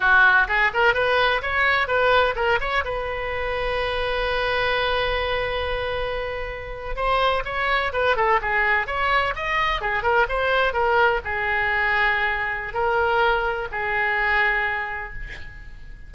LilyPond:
\new Staff \with { instrumentName = "oboe" } { \time 4/4 \tempo 4 = 127 fis'4 gis'8 ais'8 b'4 cis''4 | b'4 ais'8 cis''8 b'2~ | b'1~ | b'2~ b'8. c''4 cis''16~ |
cis''8. b'8 a'8 gis'4 cis''4 dis''16~ | dis''8. gis'8 ais'8 c''4 ais'4 gis'16~ | gis'2. ais'4~ | ais'4 gis'2. | }